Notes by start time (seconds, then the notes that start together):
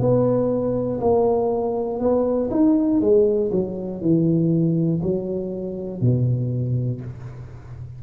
0.00 B3
1.00 A#3
2.00 B3
2.51 D#4
3.01 G#3
3.52 F#3
4.01 E3
5.03 F#3
6.01 B2